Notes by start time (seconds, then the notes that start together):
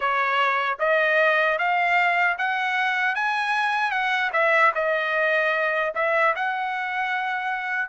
0.00 C#5
0.79 D#5
1.58 F5
2.38 F#5
3.15 G#5
3.91 F#5
4.32 E5
4.74 D#5
5.95 E5
6.35 F#5